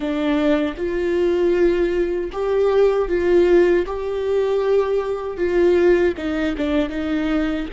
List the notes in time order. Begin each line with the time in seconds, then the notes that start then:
0.00 D4
0.77 F4
2.32 G4
3.08 F4
3.86 G4
5.37 F4
6.17 D#4
6.57 D4
6.89 D#4